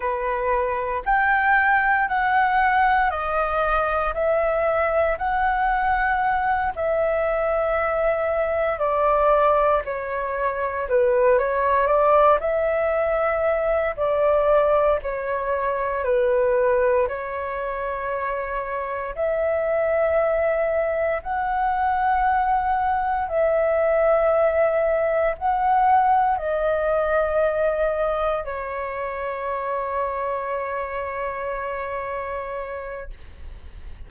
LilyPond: \new Staff \with { instrumentName = "flute" } { \time 4/4 \tempo 4 = 58 b'4 g''4 fis''4 dis''4 | e''4 fis''4. e''4.~ | e''8 d''4 cis''4 b'8 cis''8 d''8 | e''4. d''4 cis''4 b'8~ |
b'8 cis''2 e''4.~ | e''8 fis''2 e''4.~ | e''8 fis''4 dis''2 cis''8~ | cis''1 | }